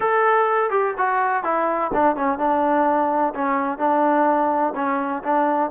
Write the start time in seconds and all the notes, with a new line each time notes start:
0.00 A4
0.70 G4
0.97 F#4
1.43 E4
1.93 D4
2.16 C#4
2.38 D4
3.34 C#4
3.78 D4
4.75 C#4
5.23 D4